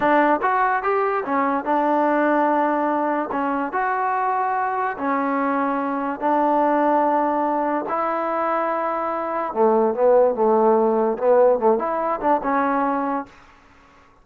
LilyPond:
\new Staff \with { instrumentName = "trombone" } { \time 4/4 \tempo 4 = 145 d'4 fis'4 g'4 cis'4 | d'1 | cis'4 fis'2. | cis'2. d'4~ |
d'2. e'4~ | e'2. a4 | b4 a2 b4 | a8 e'4 d'8 cis'2 | }